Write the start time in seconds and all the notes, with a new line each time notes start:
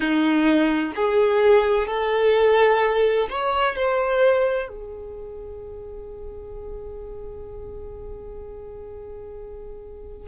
0.00 D#4
0.95 G#4
1.87 A4
3.30 C#5
3.75 C5
4.68 G#4